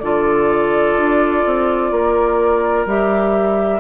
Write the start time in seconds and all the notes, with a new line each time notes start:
0.00 D3 F4 A4 D5
0.97 D4
1.45 C4
1.92 A#3 A#4
2.86 G3 G4 E5